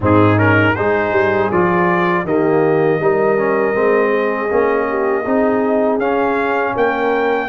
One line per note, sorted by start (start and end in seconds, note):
0.00 0.73 G#2
0.00 0.37 C4
0.00 0.74 D#4
0.00 0.38 G#4
0.37 0.74 C#4
0.37 0.75 A#4
0.74 1.12 G#3
0.74 1.52 D#4
0.74 2.24 G#4
0.74 1.50 C5
1.12 1.49 G3
1.51 2.24 F3
1.51 2.26 F4
1.51 2.26 D5
2.24 2.99 D#3
2.24 3.00 A#3
2.24 3.00 G4
2.24 5.99 D#5
2.99 3.74 G3
2.99 3.37 D#4
2.99 4.10 A#4
3.37 3.74 C#4
3.74 4.50 G#3
3.74 4.49 C4
4.10 4.85 G#4
4.50 5.26 A#3
4.50 5.25 C#4
4.88 5.22 G4
5.22 5.98 C4
5.22 6.00 D#4
5.22 6.72 G#4
5.98 6.73 C#4
5.98 7.48 C#4
5.98 6.74 F5
6.75 7.48 A#3
6.75 7.48 A#4
6.75 7.48 G5